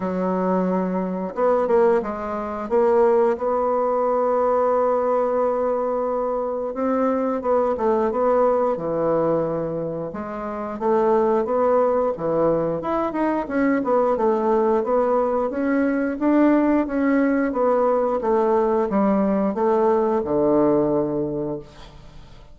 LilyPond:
\new Staff \with { instrumentName = "bassoon" } { \time 4/4 \tempo 4 = 89 fis2 b8 ais8 gis4 | ais4 b2.~ | b2 c'4 b8 a8 | b4 e2 gis4 |
a4 b4 e4 e'8 dis'8 | cis'8 b8 a4 b4 cis'4 | d'4 cis'4 b4 a4 | g4 a4 d2 | }